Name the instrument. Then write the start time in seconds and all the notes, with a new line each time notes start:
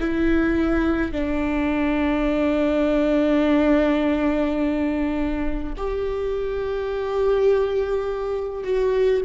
viola
0.00 E4
1.12 D4
5.77 G4
8.63 F#4